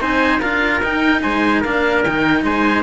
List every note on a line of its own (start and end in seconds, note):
0.00 0.41 C4
0.00 0.41 D#4
0.00 0.40 C5
0.00 0.40 G#5
0.40 0.81 D4
0.40 0.82 F4
0.40 1.21 A#4
0.40 0.80 F5
0.81 1.21 D#4
0.81 1.64 D#4
0.81 1.21 G5
1.21 1.64 G#3
1.21 1.60 C5
1.21 1.62 G#5
1.60 2.05 A#3
1.60 2.05 D4
1.60 2.41 A#4
1.60 2.03 F5
2.03 2.43 D#3
2.03 2.83 D#4
2.03 2.43 G5
2.43 2.83 G#3
2.43 2.83 C5
2.43 2.83 G#5